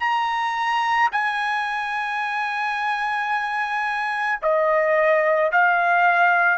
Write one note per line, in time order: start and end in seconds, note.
0.00 1.09 A#5
1.12 4.39 G#5
4.42 5.51 D#5
5.51 6.58 F5